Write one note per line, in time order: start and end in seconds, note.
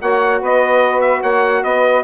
0.00 0.41 A#3
0.00 2.04 F#4
0.00 0.40 C#5
0.00 0.42 F#5
0.40 1.23 B3
0.40 1.20 B4
0.40 1.01 D#5
1.01 1.21 E5
1.20 1.63 A#3
1.20 1.61 C#5
1.20 1.63 F#5
1.63 2.04 B3
1.63 2.04 B4
1.63 2.04 D#5